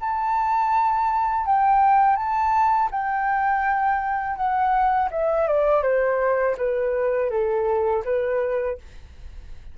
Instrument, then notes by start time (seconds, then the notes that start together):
flute
0.00 A5
1.46 G5
2.16 A5
2.91 G5
4.36 F#5
5.11 E5
5.47 D5
5.82 C5
6.57 B4
7.30 A4
8.04 B4